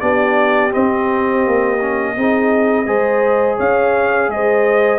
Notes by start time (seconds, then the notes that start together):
0.00 B3 D4 G4 D5
0.71 C4 D#5
1.46 A#3
1.81 C#4
2.16 C4 D#4 G#4
2.86 G#3 G#4 C5
3.57 C#4 C#5 F5
4.28 G#3 C5 D#5